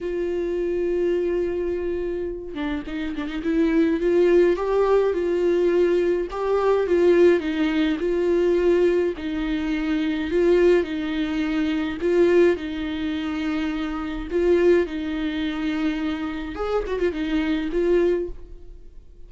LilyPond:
\new Staff \with { instrumentName = "viola" } { \time 4/4 \tempo 4 = 105 f'1~ | f'8 d'8 dis'8 d'16 dis'16 e'4 f'4 | g'4 f'2 g'4 | f'4 dis'4 f'2 |
dis'2 f'4 dis'4~ | dis'4 f'4 dis'2~ | dis'4 f'4 dis'2~ | dis'4 gis'8 fis'16 f'16 dis'4 f'4 | }